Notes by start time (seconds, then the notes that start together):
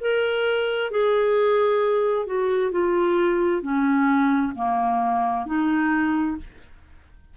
0.00 A#4
0.90 G#4
2.26 F#4
2.71 F4
3.62 C#4
4.55 A#3
5.45 D#4